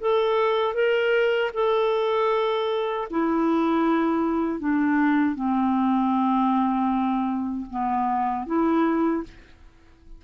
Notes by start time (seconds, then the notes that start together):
0.00 A4
0.74 A#4
1.54 A4
3.10 E4
4.60 D4
5.36 C4
7.70 B3
8.47 E4